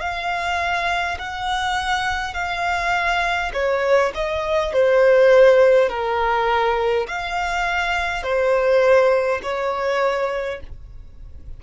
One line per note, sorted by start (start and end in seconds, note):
0.00 1.18 F5
1.18 2.33 F#5
2.33 3.51 F5
3.53 4.12 C#5
4.14 4.73 D#5
4.73 5.89 C5
5.89 7.06 A#4
7.07 8.22 F5
8.22 9.40 C5
9.42 10.60 C#5